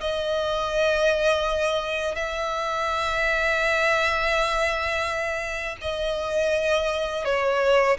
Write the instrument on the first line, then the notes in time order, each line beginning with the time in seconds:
violin
0.00 D#5
2.15 E5
5.81 D#5
7.25 C#5